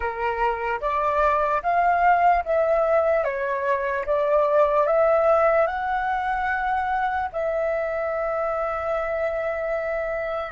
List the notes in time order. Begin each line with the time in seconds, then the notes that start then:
0.00 A#4
0.80 D5
1.63 F5
2.44 E5
3.24 C#5
4.05 D5
4.86 E5
5.66 F#5
7.32 E5